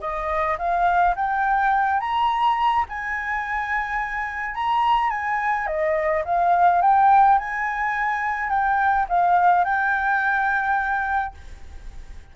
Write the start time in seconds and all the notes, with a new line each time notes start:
0.00 D#5
0.58 F5
1.16 G5
2.00 A#5
2.88 G#5
4.54 A#5
5.10 G#5
5.66 D#5
6.25 F5
6.81 G5
7.38 G#5
8.49 G5
9.08 F5
9.64 G5